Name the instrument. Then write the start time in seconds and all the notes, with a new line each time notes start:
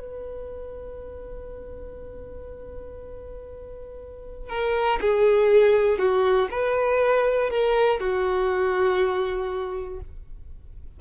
violin
0.00 B4
4.50 A#4
5.01 G#4
5.99 F#4
6.50 B4
7.50 A#4
8.00 F#4